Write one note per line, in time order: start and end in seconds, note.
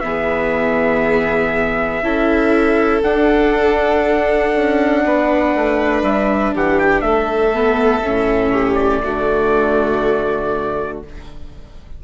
0.00 2.02 E3
0.00 2.03 B3
0.00 2.04 G#4
0.00 3.00 E5
2.02 3.02 C#4
2.02 3.03 E4
2.02 5.04 A4
3.03 7.53 D4
3.03 4.54 D4
3.03 6.03 F#5
4.55 5.04 C#4
5.04 5.54 B3
5.04 6.54 B4
5.55 6.03 A3
6.03 6.53 G3
6.03 6.54 E5
6.54 7.01 E3
6.54 7.04 G4
6.54 6.79 F#5
6.79 7.01 G5
7.01 8.01 A3
7.01 8.52 A4
7.01 8.75 E5
7.53 8.03 B3
8.04 9.04 A2
8.04 9.04 C#4
8.52 9.02 G4
8.75 11.00 D5
9.04 11.04 D3
9.04 11.04 A3
9.04 11.04 F#4